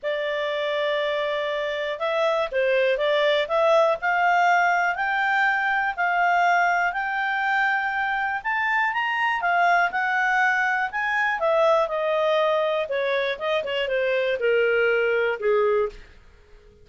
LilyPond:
\new Staff \with { instrumentName = "clarinet" } { \time 4/4 \tempo 4 = 121 d''1 | e''4 c''4 d''4 e''4 | f''2 g''2 | f''2 g''2~ |
g''4 a''4 ais''4 f''4 | fis''2 gis''4 e''4 | dis''2 cis''4 dis''8 cis''8 | c''4 ais'2 gis'4 | }